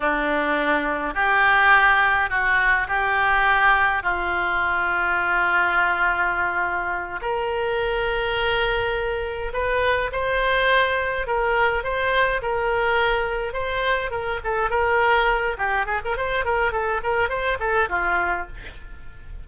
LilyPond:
\new Staff \with { instrumentName = "oboe" } { \time 4/4 \tempo 4 = 104 d'2 g'2 | fis'4 g'2 f'4~ | f'1~ | f'8 ais'2.~ ais'8~ |
ais'8 b'4 c''2 ais'8~ | ais'8 c''4 ais'2 c''8~ | c''8 ais'8 a'8 ais'4. g'8 gis'16 ais'16 | c''8 ais'8 a'8 ais'8 c''8 a'8 f'4 | }